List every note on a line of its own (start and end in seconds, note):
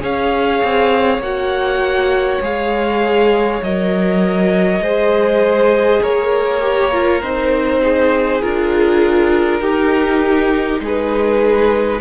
0.00 0.62 C#4
0.00 1.20 G#4
0.00 4.82 C#5
0.00 1.22 F5
0.63 1.18 C4
1.18 2.38 A#3
1.18 2.42 F#4
1.18 2.42 F#5
2.41 3.61 G#3
2.41 3.62 G#4
2.41 3.63 F5
3.62 4.79 F#3
3.62 4.82 A#4
3.62 6.03 D#5
4.79 5.99 G#3
4.79 6.61 G#4
4.79 6.02 C5
6.02 7.21 A#3
6.02 7.82 A#4
6.02 7.21 C#5
6.61 6.91 G4
6.92 7.22 F4
7.21 8.42 C4
7.21 8.41 D#4
7.21 8.41 C5
7.82 9.60 G#4
8.41 9.60 D4
8.41 9.61 F4
8.41 10.81 A#4
9.60 10.80 D#4
9.60 12.00 D#4
9.60 10.80 G4
10.80 12.00 G#3
10.80 12.00 G#4
10.86 12.00 B4